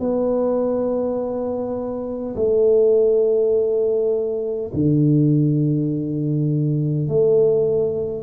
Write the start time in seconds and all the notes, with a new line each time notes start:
0.00 B3
2.36 A3
4.74 D3
7.09 A3